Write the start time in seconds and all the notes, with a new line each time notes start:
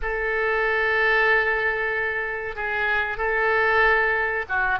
0.02 A4
2.55 G#4
3.17 A4
4.48 F#4